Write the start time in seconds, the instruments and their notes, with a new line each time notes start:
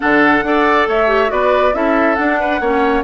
0.00 bassoon D3, clarinet D4, oboe A4, flute F#5
0.43 bassoon D4, clarinet A4, oboe D5
0.87 bassoon A3, oboe C#5, flute E5
1.07 clarinet G4
1.28 bassoon B3, clarinet F#4, oboe B4, flute D5
1.73 bassoon C#4, clarinet E4, oboe A4, flute E5
2.15 clarinet D4, bassoon D4, flute F#5
2.40 oboe B4
2.60 bassoon A#3, clarinet C#4, oboe C#5